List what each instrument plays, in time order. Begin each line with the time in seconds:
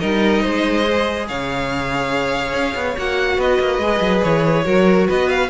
0.00 cello G3, viola D#4, violin A#4 D#5
0.42 cello G#3, violin C5
0.85 viola G#4
1.28 cello C#3, violin C#5 F5
2.53 cello C#4
2.75 cello B3
2.97 cello A#3, viola F#4, violin F#5
3.37 cello B3, violin B4 D#5
3.59 cello A#3
3.78 cello G#3, viola G#4
4.01 cello F#3
4.23 cello E3, violin C#5
4.64 cello F#3, viola F#4, violin A#4
5.07 cello B3, violin B4 D#5
5.29 violin F5